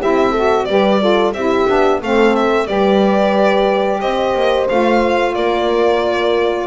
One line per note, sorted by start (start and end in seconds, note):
0.00 0.67 C4
0.00 0.35 E4
0.00 0.30 G4
0.00 0.65 E5
0.30 0.68 F#4
0.30 0.64 A4
0.65 1.33 G3
0.65 1.00 G4
0.65 1.01 B4
0.65 1.31 D5
1.00 1.33 F4
1.00 1.34 A4
1.33 1.66 C4
1.33 1.67 E4
1.33 2.00 G4
1.33 2.00 E5
1.67 2.02 B3
1.67 2.01 D4
2.00 2.67 A3
2.00 2.67 C4
2.00 2.67 A4
2.00 2.35 F5
2.35 2.67 E5
2.67 4.01 G3
2.67 4.67 G4
2.67 4.01 B4
2.67 4.00 D5
4.00 4.34 C4
4.00 5.34 C5
4.00 4.67 D#5
4.34 4.68 A#3
4.68 5.36 A3
4.68 6.67 F4
4.68 5.34 F5
5.34 6.67 A#3
5.34 6.67 A#4
5.34 6.67 D5